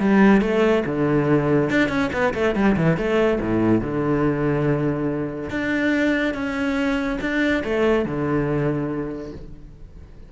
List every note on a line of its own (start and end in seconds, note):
0.00 0.41 G3
0.41 0.84 A3
0.86 1.70 D3
1.70 1.89 D4
1.89 2.10 C#4
2.13 2.34 B3
2.35 2.55 A3
2.55 2.77 G3
2.77 2.98 E3
2.98 3.40 A3
3.41 3.82 A2
3.82 5.50 D3
5.50 6.34 D4
6.34 7.19 C#4
7.21 7.63 D4
7.64 8.06 A3
8.06 9.32 D3